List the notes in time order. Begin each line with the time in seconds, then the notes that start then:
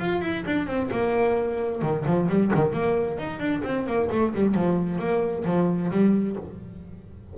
0.00 F4
0.22 E4
0.46 D4
0.67 C4
0.91 A#3
1.82 D#3
2.06 F3
2.29 G3
2.55 D#3
2.73 A#3
3.19 D#4
3.40 D4
3.64 C4
3.87 A#3
4.12 A3
4.35 G3
4.55 F3
4.99 A#3
5.45 F3
5.91 G3